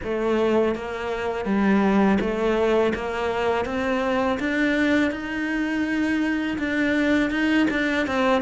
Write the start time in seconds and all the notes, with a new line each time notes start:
0.03 A3
0.75 A#3
1.45 G3
2.20 A3
2.94 A#3
3.65 C4
4.39 D4
5.11 D#4
6.58 D4
7.30 D#4
7.70 D4
8.07 C4